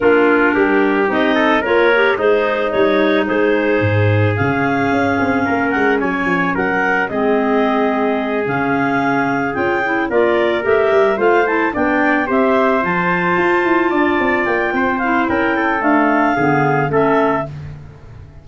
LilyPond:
<<
  \new Staff \with { instrumentName = "clarinet" } { \time 4/4 \tempo 4 = 110 ais'2 dis''4 cis''4 | c''4 cis''4 c''2 | f''2~ f''8 fis''8 gis''4 | fis''4 dis''2~ dis''8 f''8~ |
f''4. g''4 d''4 e''8~ | e''8 f''8 a''8 g''4 e''4 a''8~ | a''2~ a''8 g''4 f''8 | g''4 f''2 e''4 | }
  \new Staff \with { instrumentName = "trumpet" } { \time 4/4 f'4 g'4. a'8 ais'4 | dis'2 gis'2~ | gis'2 ais'4 cis''4 | ais'4 gis'2.~ |
gis'2~ gis'8 ais'4.~ | ais'8 c''4 d''4 c''4.~ | c''4. d''4. c''4 | ais'8 a'4. gis'4 a'4 | }
  \new Staff \with { instrumentName = "clarinet" } { \time 4/4 d'2 dis'4 f'8 g'8 | gis'4 dis'2. | cis'1~ | cis'4 c'2~ c'8 cis'8~ |
cis'4. f'8 e'8 f'4 g'8~ | g'8 f'8 e'8 d'4 g'4 f'8~ | f'2.~ f'8 e'8~ | e'4 a4 b4 cis'4 | }
  \new Staff \with { instrumentName = "tuba" } { \time 4/4 ais4 g4 c'4 ais4 | gis4 g4 gis4 gis,4 | cis4 cis'8 c'8 ais8 gis8 fis8 f8 | fis4 gis2~ gis8 cis8~ |
cis4. cis'4 ais4 a8 | g8 a4 b4 c'4 f8~ | f8 f'8 e'8 d'8 c'8 ais8 c'4 | cis'4 d'4 d4 a4 | }
>>